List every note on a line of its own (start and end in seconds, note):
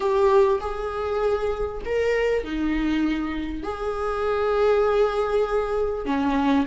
0.00 0.59 G4
0.60 1.81 G#4
1.85 2.44 A#4
2.44 3.63 D#4
3.63 6.05 G#4
6.05 6.66 C#4